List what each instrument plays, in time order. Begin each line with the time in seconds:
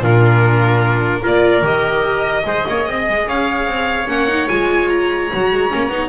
0.00 double bass A#2, viola D4, trumpet F4, violin A#4
1.23 double bass A#3, viola F4, trumpet A#4, violin D5
1.62 double bass D#3, viola G4, violin D#5
2.45 double bass G#3, viola G#4, trumpet C5
2.69 double bass A#3, trumpet C#5
2.88 double bass C4, trumpet D#5
3.09 double bass G#3
3.27 double bass C#4, trumpet C#5, violin F5
3.67 double bass C4
4.08 double bass A#3, viola C#4, violin F#5
4.28 viola D#4
4.49 double bass G#3, viola F4, violin G#5
4.89 violin A#5
5.34 double bass F#3, viola F#4
5.52 double bass G#3
5.70 double bass A#3, viola C#4
5.88 double bass B3, viola D#4